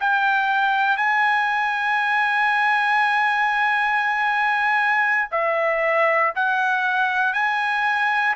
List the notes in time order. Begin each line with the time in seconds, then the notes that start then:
0.00 G5
0.97 G#5
5.31 E5
6.35 F#5
7.33 G#5